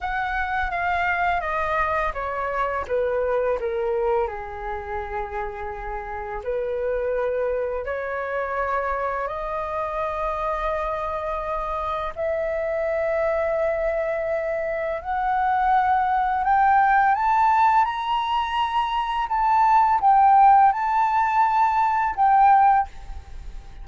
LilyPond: \new Staff \with { instrumentName = "flute" } { \time 4/4 \tempo 4 = 84 fis''4 f''4 dis''4 cis''4 | b'4 ais'4 gis'2~ | gis'4 b'2 cis''4~ | cis''4 dis''2.~ |
dis''4 e''2.~ | e''4 fis''2 g''4 | a''4 ais''2 a''4 | g''4 a''2 g''4 | }